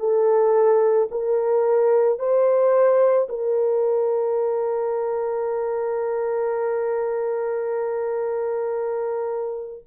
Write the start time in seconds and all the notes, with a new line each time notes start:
0.00 A4
1.11 A#4
2.19 C5
3.29 A#4